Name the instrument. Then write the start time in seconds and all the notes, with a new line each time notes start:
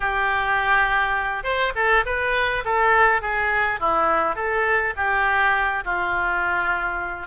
oboe
0.00 G4
1.43 C5
1.75 A4
2.05 B4
2.65 A4
3.21 G#4
3.79 E4
4.35 A4
4.96 G4
5.84 F4